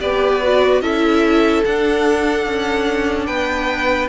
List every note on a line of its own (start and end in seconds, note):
0.00 0.82 B3
0.00 0.42 G4
0.00 0.82 B4
0.00 0.82 D5
0.44 0.83 F#4
0.82 1.64 C#4
0.82 1.65 E4
0.82 3.27 A4
0.82 1.64 E5
1.65 2.47 D4
1.65 4.09 D4
1.65 3.26 F#5
2.47 3.29 C#4
3.26 4.09 B3
3.26 4.09 B4
3.26 4.09 G5